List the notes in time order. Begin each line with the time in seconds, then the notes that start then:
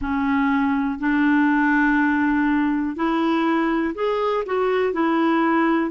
0.01 C#4
0.99 D4
2.96 E4
3.94 G#4
4.45 F#4
4.93 E4